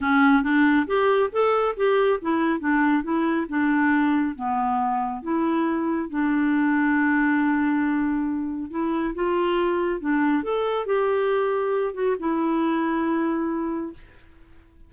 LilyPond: \new Staff \with { instrumentName = "clarinet" } { \time 4/4 \tempo 4 = 138 cis'4 d'4 g'4 a'4 | g'4 e'4 d'4 e'4 | d'2 b2 | e'2 d'2~ |
d'1 | e'4 f'2 d'4 | a'4 g'2~ g'8 fis'8 | e'1 | }